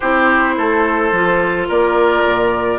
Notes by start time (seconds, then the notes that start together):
0.00 C4 E4 G4 C5
0.57 A3 A4
1.11 F3 F4
1.68 A#3 A#4 D5
2.24 A#2